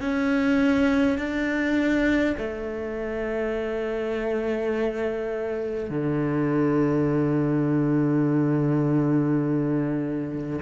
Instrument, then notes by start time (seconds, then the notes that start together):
cello
0.00 C#4
1.18 D4
2.37 A3
5.89 D3